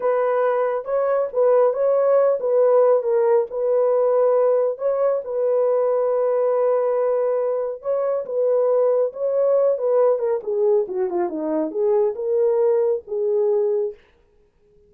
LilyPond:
\new Staff \with { instrumentName = "horn" } { \time 4/4 \tempo 4 = 138 b'2 cis''4 b'4 | cis''4. b'4. ais'4 | b'2. cis''4 | b'1~ |
b'2 cis''4 b'4~ | b'4 cis''4. b'4 ais'8 | gis'4 fis'8 f'8 dis'4 gis'4 | ais'2 gis'2 | }